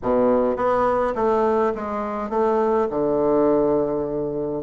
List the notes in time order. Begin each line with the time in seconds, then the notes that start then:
0.02 B2
0.56 B3
1.15 A3
1.75 G#3
2.29 A3
2.90 D3